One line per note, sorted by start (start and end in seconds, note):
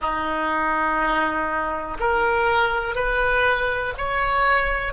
0.00 1.97 D#4
1.99 2.95 A#4
2.95 3.93 B4
3.97 4.93 C#5